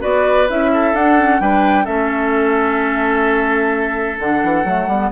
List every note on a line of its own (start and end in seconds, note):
0.00 0.50 B3
0.00 0.47 F#4
0.00 0.70 B4
0.00 0.48 D5
0.49 0.93 C#4
0.49 0.95 E4
0.49 0.95 E5
0.73 1.41 A4
0.93 1.40 D4
0.93 1.18 D4
0.93 1.40 F#5
1.18 1.41 C#4
1.40 1.86 G3
1.40 1.85 D4
1.40 1.84 B4
1.40 1.85 G5
1.84 4.19 A3
1.84 4.17 C#4
1.84 5.10 A4
1.84 4.18 E5
4.18 4.42 D3
4.18 4.65 D4
4.18 5.12 F#5
4.43 4.64 E3
4.64 4.87 F#3
4.64 4.88 A3
4.87 5.10 G3
4.87 5.12 B3